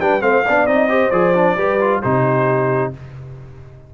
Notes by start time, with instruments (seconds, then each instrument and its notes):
0.00 tuba G3, trombone D4, horn B4, trumpet G5
0.21 tuba A3, trombone C4, horn C5, trumpet F5
0.45 tuba B3, trombone D4, horn D5
0.67 tuba C4, trombone D#4, trumpet D#5
0.89 trombone G4, horn C5
1.11 tuba F3, trombone G#4, trumpet D5
1.35 trombone D4
1.56 tuba G3, trombone G4, horn B4
1.81 trombone F4
2.02 tuba C3, trombone D#4, horn G4, trumpet C5